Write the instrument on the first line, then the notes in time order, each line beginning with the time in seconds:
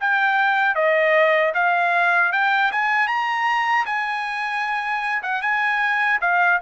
trumpet
0.00 G5
0.75 D#5
1.54 F5
2.32 G5
2.72 G#5
3.07 A#5
3.86 G#5
5.22 F#5
5.42 G#5
6.21 F5